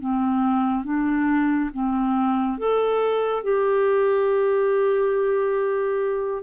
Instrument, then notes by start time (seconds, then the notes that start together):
clarinet
0.00 C4
0.84 D4
1.73 C4
2.58 A4
3.43 G4